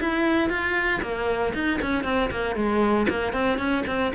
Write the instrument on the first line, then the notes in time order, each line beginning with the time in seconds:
cello
0.00 E4
0.50 F4
1.02 A#3
1.54 D#4
1.82 C#4
2.04 C4
2.31 A#3
2.56 G#3
3.09 A#3
3.33 C4
3.59 C#4
3.87 C4